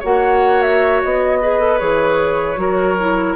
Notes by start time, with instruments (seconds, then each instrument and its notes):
0.00 bassoon A#3, clarinet F#4, oboe C#5, flute F#5
0.62 flute E5
1.03 bassoon B3, flute D#5
1.42 clarinet G#4, oboe B4
1.60 clarinet A4
1.79 bassoon E3, clarinet G#4, flute C#5
2.56 bassoon F#3, clarinet F#4, oboe A#4
3.00 clarinet E4